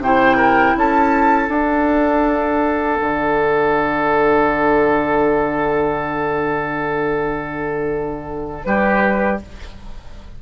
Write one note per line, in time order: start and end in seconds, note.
0.00 0.75 C3
0.00 1.52 E4
0.00 0.37 C5
0.00 0.79 G5
0.37 0.75 A#4
0.77 1.49 C#4
0.77 8.67 A4
0.77 1.52 A5
1.49 2.99 D4
1.49 9.39 D4
1.49 8.64 F#5
3.01 8.64 D3
8.65 9.41 G3
8.65 9.43 G4
8.65 9.40 B4